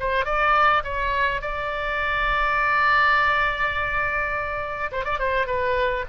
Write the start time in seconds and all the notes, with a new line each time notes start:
0.00 C5
0.25 D5
0.84 C#5
1.41 D5
4.92 C5
5.04 D5
5.19 C5
5.47 B4